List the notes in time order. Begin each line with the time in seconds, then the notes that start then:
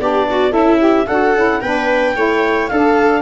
0.00 B3 D4 G4 D5
0.31 F#4
0.51 C#4 E4 A4 E5
0.79 G4
1.07 D4 F#4 A4 F#5
1.35 C#4 E4
1.61 B3 D4 B4 G5
2.16 A3 E4 C#5
2.68 D4 A4 F5